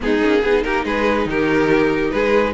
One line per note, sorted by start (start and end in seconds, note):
0.00 0.23 G#3
0.00 0.20 B3
0.00 0.41 D#4
0.00 0.63 G#4
0.21 0.43 A#3
0.21 0.42 C#4
0.41 0.64 B3
0.41 2.53 D#4
0.41 0.62 G#4
0.63 0.84 A#3
0.63 0.84 G4
0.63 0.85 A#4
0.84 1.25 G#3
0.84 1.27 G#4
0.84 1.28 B4
1.25 2.10 D#3
1.25 2.13 G4
1.25 2.10 A#4
2.10 2.53 G#3
2.10 2.53 G#4
2.10 2.53 B4